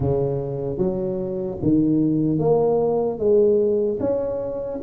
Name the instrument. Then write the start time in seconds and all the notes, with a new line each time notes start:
tuba
0.00 C#3
0.77 F#3
1.62 D#3
2.38 A#3
3.19 G#3
4.00 C#4